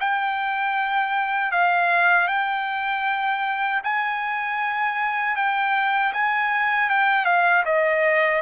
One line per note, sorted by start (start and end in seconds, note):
0.00 1.51 G5
1.51 2.28 F5
2.28 3.81 G5
3.84 5.36 G#5
5.36 6.13 G5
6.13 6.90 G#5
6.90 7.25 G5
7.25 7.64 F5
7.65 8.42 D#5